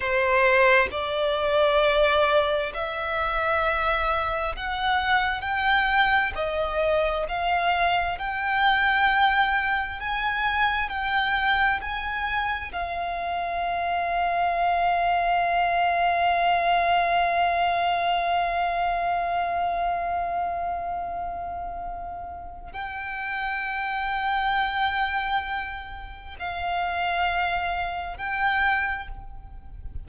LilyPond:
\new Staff \with { instrumentName = "violin" } { \time 4/4 \tempo 4 = 66 c''4 d''2 e''4~ | e''4 fis''4 g''4 dis''4 | f''4 g''2 gis''4 | g''4 gis''4 f''2~ |
f''1~ | f''1~ | f''4 g''2.~ | g''4 f''2 g''4 | }